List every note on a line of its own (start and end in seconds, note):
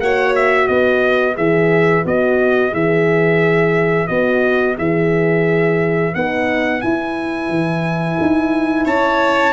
0.00 0.68 A#3
0.00 1.35 F#4
0.00 0.67 C#5
0.00 0.34 F#5
0.36 0.67 E5
0.67 1.37 B3
0.67 8.85 B4
0.67 1.36 D#5
1.35 2.05 E3
1.35 2.03 G#4
1.35 2.05 E5
2.05 2.73 B3
2.05 2.71 F#4
2.05 2.74 D#5
2.71 4.09 E3
2.71 4.07 G#4
2.71 4.08 E5
4.08 4.78 B3
4.08 4.76 F#4
4.08 4.76 D#5
4.78 6.14 E3
4.78 6.14 G#4
4.78 6.15 E5
6.14 6.83 B3
6.14 6.82 D#4
6.14 6.81 F#5
6.81 9.53 E4
6.81 7.49 E4
6.81 8.86 G#5
7.49 8.17 E3
8.21 8.86 D#4
8.85 9.53 C#4
8.85 9.53 C#5
8.85 9.53 A5